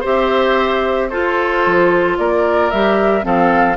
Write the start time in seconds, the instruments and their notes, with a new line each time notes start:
0.00 bassoon C4, clarinet G4, oboe C5, flute E5
1.09 clarinet F4, bassoon F4, oboe A4, flute C5
1.66 bassoon F3
2.17 bassoon A#3, oboe A#4, flute D5
2.70 bassoon G3, clarinet G4, flute E5
3.21 bassoon F3, clarinet C4, oboe A4, flute F5